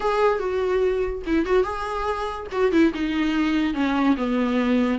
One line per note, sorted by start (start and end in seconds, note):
0.00 0.39 G#4
0.39 1.22 F#4
1.26 1.45 E4
1.45 1.63 F#4
1.63 2.46 G#4
2.51 2.72 F#4
2.72 2.92 E4
2.94 3.74 D#4
3.74 4.16 C#4
4.16 4.98 B3